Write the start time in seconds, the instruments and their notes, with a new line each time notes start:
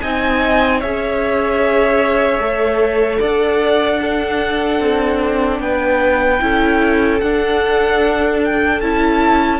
0.00 cello C4, viola D#4, violin D#5 G#5
0.80 cello C#4, viola G#4, violin C#5 E5
2.39 cello A3, viola A4
3.19 cello D4, violin D5 F#5
4.00 viola D4, violin A4
4.79 cello C4
5.59 cello B3, violin B4 G5
6.39 cello C#4, viola E4, violin A4
7.20 cello D4, viola D4, violin F#5
8.44 violin G5
8.80 cello C#4, viola E4, violin A5